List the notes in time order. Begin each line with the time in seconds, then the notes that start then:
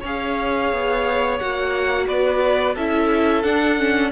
0.00 C#4 G#4 C#5 F5
0.72 B3
1.38 A#3 F#4 F#5
2.07 B3 B4 D5
2.74 C#4 E4 A4 E5
3.43 D4 F#5
3.77 C#4